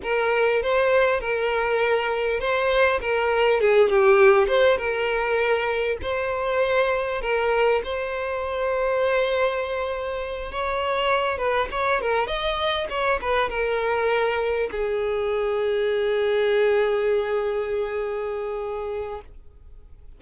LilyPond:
\new Staff \with { instrumentName = "violin" } { \time 4/4 \tempo 4 = 100 ais'4 c''4 ais'2 | c''4 ais'4 gis'8 g'4 c''8 | ais'2 c''2 | ais'4 c''2.~ |
c''4. cis''4. b'8 cis''8 | ais'8 dis''4 cis''8 b'8 ais'4.~ | ais'8 gis'2.~ gis'8~ | gis'1 | }